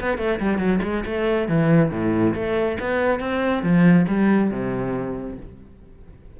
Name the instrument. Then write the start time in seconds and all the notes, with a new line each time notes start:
cello
0.00 B3
0.17 A3
0.40 G3
0.58 F#3
0.82 G#3
1.05 A3
1.48 E3
1.91 A2
2.34 A3
2.79 B3
3.19 C4
3.63 F3
4.08 G3
4.50 C3